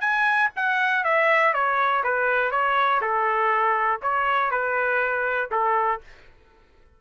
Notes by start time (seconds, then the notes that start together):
0.00 G#5
0.56 F#5
1.03 E5
1.53 C#5
2.04 B4
2.51 C#5
3.01 A4
4.02 C#5
4.50 B4
5.51 A4